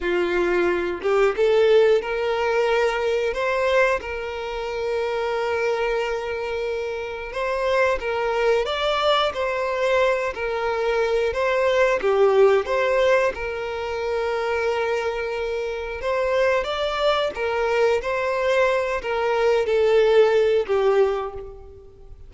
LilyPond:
\new Staff \with { instrumentName = "violin" } { \time 4/4 \tempo 4 = 90 f'4. g'8 a'4 ais'4~ | ais'4 c''4 ais'2~ | ais'2. c''4 | ais'4 d''4 c''4. ais'8~ |
ais'4 c''4 g'4 c''4 | ais'1 | c''4 d''4 ais'4 c''4~ | c''8 ais'4 a'4. g'4 | }